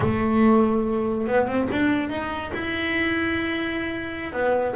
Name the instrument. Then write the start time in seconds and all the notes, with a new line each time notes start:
double bass
0.00 A3
1.27 B3
1.47 C4
1.71 D4
2.09 D#4
2.53 E4
4.33 B3